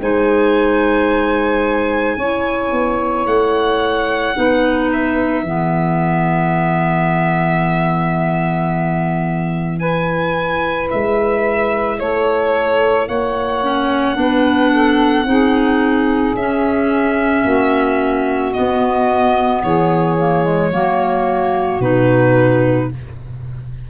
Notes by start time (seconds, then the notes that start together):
0.00 G#3 D#4 C5 G#5
2.17 C#4 E4 C#5
2.71 B3
3.26 A3 F#5
4.36 B3 D#4 B4
4.92 E5
5.43 E3 B3 G#4
9.79 E4 B4 G#5
10.91 G#3 E5
11.99 A3 A4 C#5
13.07 A#3 C#5 F#5
13.62 C#4
14.15 B3 D4 B4
14.71 A4
15.24 C4 D#4 G#4
16.35 C#4 E5
17.44 A#3 F#4
18.53 B3 D#5
19.63 E3 G#4 C#5
20.19 A#3
20.44 G#3
20.70 F#3 A#3 F#4
21.79 B2 D#4 B4